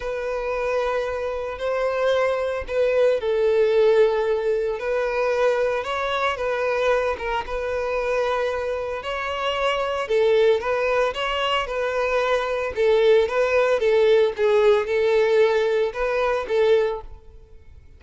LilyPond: \new Staff \with { instrumentName = "violin" } { \time 4/4 \tempo 4 = 113 b'2. c''4~ | c''4 b'4 a'2~ | a'4 b'2 cis''4 | b'4. ais'8 b'2~ |
b'4 cis''2 a'4 | b'4 cis''4 b'2 | a'4 b'4 a'4 gis'4 | a'2 b'4 a'4 | }